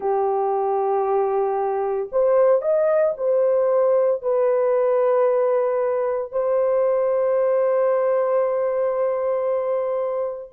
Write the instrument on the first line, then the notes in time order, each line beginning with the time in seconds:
horn
0.00 G4
2.11 C5
2.61 D#5
3.17 C5
4.22 B4
6.32 C5